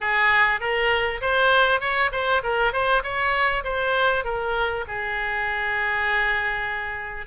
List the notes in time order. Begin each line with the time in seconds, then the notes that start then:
0.01 G#4
0.60 A#4
1.21 C5
1.80 C#5
2.12 C5
2.43 A#4
2.72 C5
3.03 C#5
3.64 C5
4.24 A#4
4.87 G#4